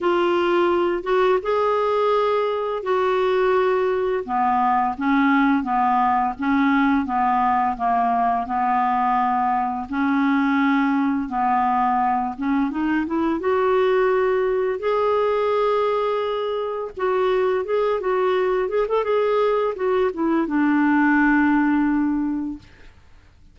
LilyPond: \new Staff \with { instrumentName = "clarinet" } { \time 4/4 \tempo 4 = 85 f'4. fis'8 gis'2 | fis'2 b4 cis'4 | b4 cis'4 b4 ais4 | b2 cis'2 |
b4. cis'8 dis'8 e'8 fis'4~ | fis'4 gis'2. | fis'4 gis'8 fis'4 gis'16 a'16 gis'4 | fis'8 e'8 d'2. | }